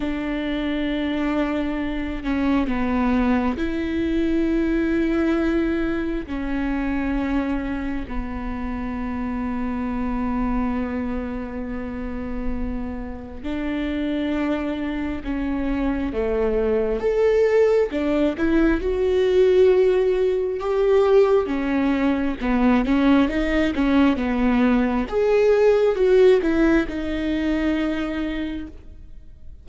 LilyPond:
\new Staff \with { instrumentName = "viola" } { \time 4/4 \tempo 4 = 67 d'2~ d'8 cis'8 b4 | e'2. cis'4~ | cis'4 b2.~ | b2. d'4~ |
d'4 cis'4 a4 a'4 | d'8 e'8 fis'2 g'4 | cis'4 b8 cis'8 dis'8 cis'8 b4 | gis'4 fis'8 e'8 dis'2 | }